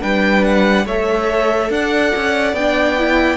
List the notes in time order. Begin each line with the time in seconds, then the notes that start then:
0.00 G3 D4 B4 G5
0.44 F#5
0.85 A3 A4 C#5 E5
1.70 D4 D5 F#5
2.15 C#4
2.53 B3 D4 G5
2.98 E4